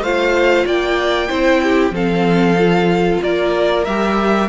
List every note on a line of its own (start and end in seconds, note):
0.00 0.64 A3
0.00 1.28 F4
0.00 0.65 C5
0.00 0.66 F5
0.65 1.29 A#3
0.65 1.29 D5
0.65 1.95 G5
1.28 1.90 C4
1.28 1.92 E4
1.28 1.61 C5
1.62 1.94 G4
1.90 3.18 F3
1.90 2.56 C4
1.90 3.21 A4
1.90 3.22 F5
2.57 3.84 F4
3.22 3.86 A#3
3.22 4.48 A#4
3.22 3.85 D5
3.85 4.48 G3
3.85 4.48 G4
3.85 4.48 E5